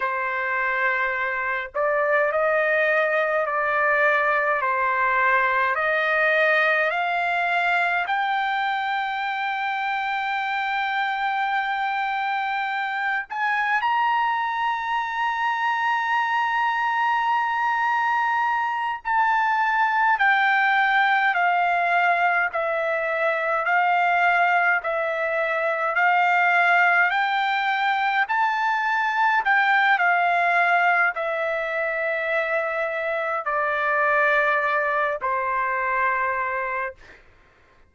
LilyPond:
\new Staff \with { instrumentName = "trumpet" } { \time 4/4 \tempo 4 = 52 c''4. d''8 dis''4 d''4 | c''4 dis''4 f''4 g''4~ | g''2.~ g''8 gis''8 | ais''1~ |
ais''8 a''4 g''4 f''4 e''8~ | e''8 f''4 e''4 f''4 g''8~ | g''8 a''4 g''8 f''4 e''4~ | e''4 d''4. c''4. | }